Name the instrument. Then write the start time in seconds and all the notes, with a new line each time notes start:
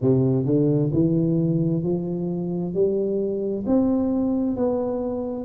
tuba
0.01 C3
0.45 D3
0.92 E3
1.83 F3
2.74 G3
3.66 C4
4.56 B3